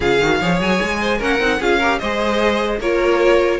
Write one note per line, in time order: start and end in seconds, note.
0.00 0.20 C#3
0.00 0.21 F4
0.00 0.38 G#4
0.00 0.61 F5
0.20 0.40 D#3
0.20 0.41 F#4
0.40 0.59 F3
0.40 1.19 G#4
0.40 1.00 C#5
0.59 0.79 F#3
0.59 1.21 G#5
0.82 1.21 G#3
1.00 1.18 C5
1.18 1.39 A#3
1.18 1.39 C#4
1.18 1.58 A#4
1.18 1.62 F#5
1.39 1.59 C4
1.39 1.59 D#4
1.59 2.00 C#4
1.59 1.81 F4
1.59 1.78 G#4
1.59 1.98 F5
1.78 2.02 G4
1.78 1.98 A#4
1.98 2.79 G#3
1.98 2.82 G#4
1.98 2.80 C5
1.98 2.78 D#5
2.79 3.59 A#3
2.79 3.59 F4
2.79 3.59 A#4
2.79 3.59 C#5